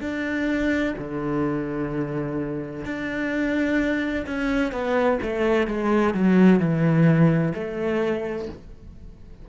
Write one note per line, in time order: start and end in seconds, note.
0.00 0.94 D4
0.98 2.85 D3
2.85 4.25 D4
4.26 4.72 C#4
4.72 5.19 B3
5.22 5.67 A3
5.67 6.14 G#3
6.14 6.59 F#3
6.59 7.53 E3
7.54 8.48 A3